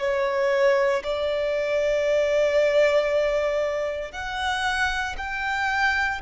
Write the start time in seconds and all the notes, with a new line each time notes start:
0.00 C#5
1.04 D5
4.12 F#5
5.18 G5